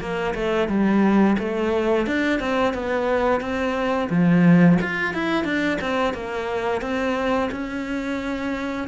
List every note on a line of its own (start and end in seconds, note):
0.00 0.34 A#3
0.35 0.68 A3
0.68 1.36 G3
1.39 2.06 A3
2.06 2.40 D4
2.40 2.74 C4
2.74 3.41 B3
3.41 4.09 C4
4.10 4.78 F3
4.81 5.14 F4
5.14 5.44 E4
5.44 5.78 D4
5.81 6.14 C4
6.14 6.82 A#3
6.82 7.50 C4
7.52 8.88 C#4